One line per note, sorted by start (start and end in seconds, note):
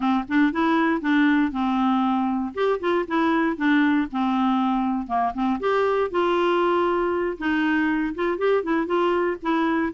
0.00 0.24 C4
0.28 0.52 D4
0.52 1.01 E4
1.01 1.51 D4
1.51 2.53 C4
2.54 2.79 G4
2.80 3.05 F4
3.07 3.56 E4
3.56 4.07 D4
4.11 5.07 C4
5.07 5.32 A#3
5.34 5.59 C4
5.60 6.10 G4
6.10 7.37 F4
7.38 8.14 D#4
8.14 8.38 F4
8.38 8.63 G4
8.63 8.86 E4
8.86 9.37 F4
9.42 9.93 E4